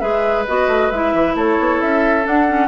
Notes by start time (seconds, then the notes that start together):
0.00 G#3 G#4 B4 E5
0.47 B3 F#4 D#5
0.68 A3
0.91 G#3 E4 E5
1.13 E3
1.35 A3 A4 C#5
1.60 B3
1.82 C#4 E5
2.23 D4 F#5
2.48 C#4